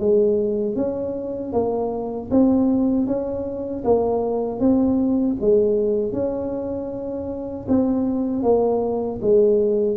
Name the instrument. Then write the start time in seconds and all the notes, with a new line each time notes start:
tuba
0.00 G#3
0.76 C#4
1.53 A#3
2.31 C4
3.07 C#4
3.85 A#3
4.60 C4
5.41 G#3
6.13 C#4
7.69 C4
8.43 A#3
9.22 G#3